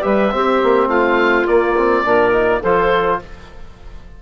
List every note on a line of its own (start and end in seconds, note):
0.00 0.33 G3
0.00 0.29 G4
0.00 0.32 B4
0.00 0.88 E5
0.31 1.46 C4
0.31 0.62 C4
0.31 0.88 G4
0.63 0.87 A#3
0.87 1.44 A3
0.87 2.04 F4
0.87 1.47 F5
1.46 1.75 A#3
1.46 2.03 A#3
1.46 2.62 D5
1.76 2.04 C4
2.03 2.61 A#2
2.03 2.31 D4
2.03 2.61 A#4
2.31 2.60 D#4
2.61 3.21 F3
2.61 3.22 F4
2.61 3.19 A4
2.61 3.20 C5